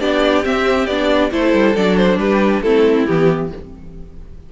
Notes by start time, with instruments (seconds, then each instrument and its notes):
0.00 cello B3, viola D4, violin G4 D5
0.44 viola C4, cello C4, violin E5
0.87 cello B3, viola D4, violin D5
1.32 cello A3, viola E4, violin A4 C5
1.54 cello G3
1.76 cello F#3, viola D4, violin D5
1.97 violin C5
2.18 cello G3, violin G4 B4
2.62 cello A3, viola C4, violin E4 A4
3.06 cello E3, viola B3, violin G4